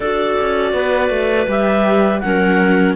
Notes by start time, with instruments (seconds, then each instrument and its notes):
0.00 cello D4, viola F#4, clarinet A4 D5
0.40 cello C#4
0.73 cello B3, clarinet B4
1.09 cello A3
1.47 cello G3, viola G4, clarinet E5
2.20 cello F#3, viola C#4, clarinet A#4 F#5